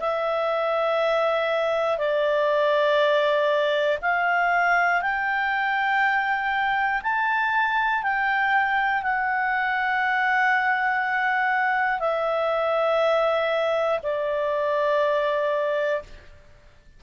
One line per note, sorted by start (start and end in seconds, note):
0.00 1.98 E5
1.98 3.98 D5
4.01 5.01 F5
5.01 7.01 G5
7.02 8.02 A5
8.02 9.02 G5
9.02 12.00 F#5
12.00 14.00 E5
14.02 16.02 D5